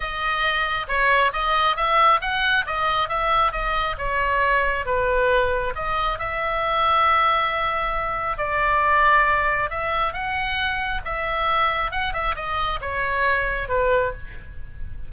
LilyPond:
\new Staff \with { instrumentName = "oboe" } { \time 4/4 \tempo 4 = 136 dis''2 cis''4 dis''4 | e''4 fis''4 dis''4 e''4 | dis''4 cis''2 b'4~ | b'4 dis''4 e''2~ |
e''2. d''4~ | d''2 e''4 fis''4~ | fis''4 e''2 fis''8 e''8 | dis''4 cis''2 b'4 | }